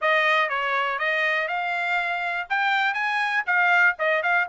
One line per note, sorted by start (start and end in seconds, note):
0.01 0.49 D#5
0.49 0.98 C#5
0.98 1.48 D#5
1.48 2.47 F5
2.49 2.94 G5
2.94 3.43 G#5
3.46 3.95 F5
3.98 4.22 D#5
4.22 4.47 F5